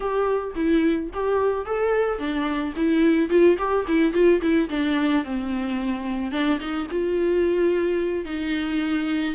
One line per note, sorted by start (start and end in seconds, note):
0.00 0.54 G4
0.55 1.10 E4
1.13 1.65 G4
1.65 2.18 A4
2.18 2.73 D4
2.76 3.29 E4
3.29 3.57 F4
3.58 3.85 G4
3.87 4.13 E4
4.13 4.40 F4
4.41 4.68 E4
4.69 5.24 D4
5.24 6.31 C4
6.31 6.59 D4
6.59 6.87 D#4
6.90 8.25 F4
8.25 9.35 D#4